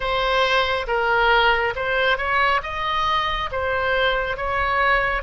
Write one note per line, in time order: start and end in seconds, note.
0.00 0.86 C5
0.87 1.74 A#4
1.75 2.17 C5
2.17 2.61 C#5
2.62 3.49 D#5
3.51 4.36 C5
4.36 5.22 C#5